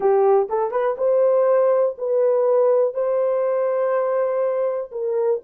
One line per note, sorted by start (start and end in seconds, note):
0.00 0.48 G4
0.49 0.71 A4
0.71 0.95 B4
0.97 1.95 C5
1.98 2.94 B4
2.94 4.90 C5
4.91 5.40 A#4